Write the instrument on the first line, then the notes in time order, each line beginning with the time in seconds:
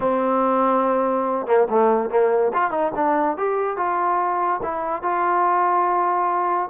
trombone
0.00 C4
1.46 A#3
1.69 A3
2.10 A#3
2.53 F4
2.71 D#4
2.95 D4
3.37 G4
3.76 F4
4.62 E4
5.02 F4